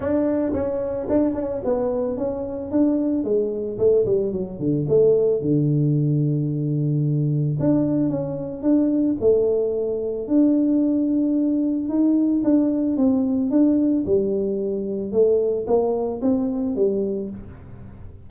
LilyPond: \new Staff \with { instrumentName = "tuba" } { \time 4/4 \tempo 4 = 111 d'4 cis'4 d'8 cis'8 b4 | cis'4 d'4 gis4 a8 g8 | fis8 d8 a4 d2~ | d2 d'4 cis'4 |
d'4 a2 d'4~ | d'2 dis'4 d'4 | c'4 d'4 g2 | a4 ais4 c'4 g4 | }